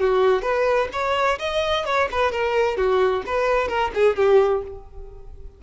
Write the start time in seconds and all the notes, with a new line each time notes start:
0.00 F#4
0.42 B4
0.93 C#5
1.39 D#5
1.86 C#5
2.11 B4
2.32 A#4
2.77 F#4
3.26 B4
3.68 A#4
3.94 G#4
4.16 G4